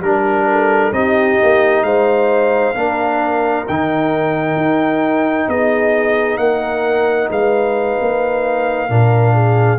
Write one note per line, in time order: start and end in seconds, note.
0.00 0.91 G3
0.00 0.92 D4
0.00 0.92 A#4
0.00 0.48 A#4
0.51 0.94 A4
0.91 1.37 C4
0.91 2.74 D#4
0.91 1.84 G4
0.91 1.83 D#5
1.43 1.82 A#3
1.82 2.73 G#3
1.82 2.75 C5
1.82 3.65 F5
2.74 3.66 A#3
2.74 3.65 D4
2.74 5.47 A#4
3.67 4.56 D#3
3.67 8.89 D#4
3.67 5.49 G5
4.56 5.47 D#4
5.48 6.37 B3
5.48 6.39 G#4
5.48 6.37 D#5
6.37 7.28 A#3
6.37 7.30 A#4
6.37 7.28 F#5
7.30 7.98 G#3
7.30 8.89 B4
7.30 9.78 F5
8.00 8.89 A#3
8.89 9.78 A#2
8.89 9.78 D4
8.89 9.34 A#4
9.34 9.78 G#4